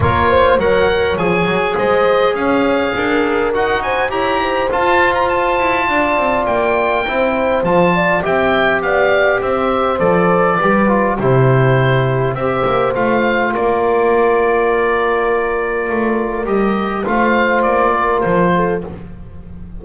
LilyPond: <<
  \new Staff \with { instrumentName = "oboe" } { \time 4/4 \tempo 4 = 102 cis''4 fis''4 gis''4 dis''4 | f''2 fis''8 gis''8 ais''4 | a''8. ais''16 a''2 g''4~ | g''4 a''4 g''4 f''4 |
e''4 d''2 c''4~ | c''4 e''4 f''4 d''4~ | d''1 | dis''4 f''4 d''4 c''4 | }
  \new Staff \with { instrumentName = "horn" } { \time 4/4 ais'8 c''8 cis''2 c''4 | cis''4 ais'4. c''8 cis''8 c''8~ | c''2 d''2 | c''4. d''8 e''4 d''4 |
c''2 b'4 g'4~ | g'4 c''2 ais'4~ | ais'1~ | ais'4 c''4. ais'4 a'8 | }
  \new Staff \with { instrumentName = "trombone" } { \time 4/4 f'4 ais'4 gis'2~ | gis'2 fis'4 g'4 | f'1 | e'4 f'4 g'2~ |
g'4 a'4 g'8 f'8 e'4~ | e'4 g'4 f'2~ | f'1 | g'4 f'2. | }
  \new Staff \with { instrumentName = "double bass" } { \time 4/4 ais4 fis4 f8 fis8 gis4 | cis'4 d'4 dis'4 e'4 | f'4. e'8 d'8 c'8 ais4 | c'4 f4 c'4 b4 |
c'4 f4 g4 c4~ | c4 c'8 ais8 a4 ais4~ | ais2. a4 | g4 a4 ais4 f4 | }
>>